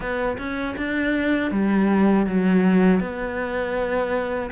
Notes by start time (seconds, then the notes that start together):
0.00 B3
0.38 C#4
0.77 D4
1.51 G3
2.26 F#3
3.00 B3